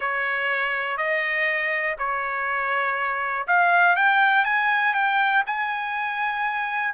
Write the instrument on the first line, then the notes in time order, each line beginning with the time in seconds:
trumpet
0.00 C#5
0.97 D#5
1.98 C#5
3.47 F5
3.95 G5
4.44 G#5
4.94 G5
5.46 G#5